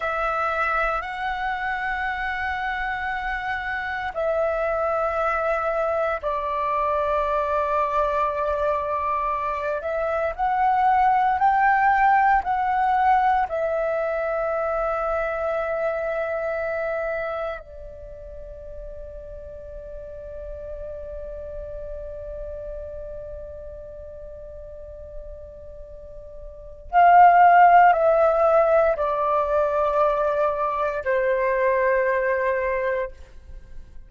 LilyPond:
\new Staff \with { instrumentName = "flute" } { \time 4/4 \tempo 4 = 58 e''4 fis''2. | e''2 d''2~ | d''4. e''8 fis''4 g''4 | fis''4 e''2.~ |
e''4 d''2.~ | d''1~ | d''2 f''4 e''4 | d''2 c''2 | }